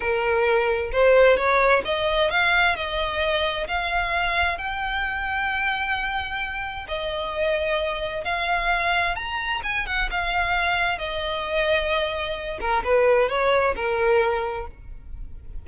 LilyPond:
\new Staff \with { instrumentName = "violin" } { \time 4/4 \tempo 4 = 131 ais'2 c''4 cis''4 | dis''4 f''4 dis''2 | f''2 g''2~ | g''2. dis''4~ |
dis''2 f''2 | ais''4 gis''8 fis''8 f''2 | dis''2.~ dis''8 ais'8 | b'4 cis''4 ais'2 | }